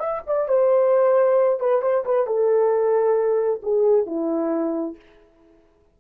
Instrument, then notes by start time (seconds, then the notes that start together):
horn
0.00 E5
0.27 D5
0.49 C5
1.60 B4
1.82 C5
2.05 B4
2.27 A4
3.63 G#4
4.07 E4